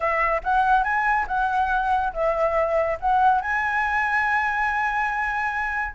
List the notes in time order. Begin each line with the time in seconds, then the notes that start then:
0.00 E5
0.43 F#5
0.83 G#5
1.27 F#5
2.13 E5
2.99 F#5
3.41 G#5